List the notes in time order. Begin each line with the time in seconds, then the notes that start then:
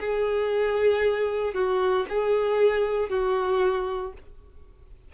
0.00 G#4
1.54 F#4
2.09 G#4
3.09 F#4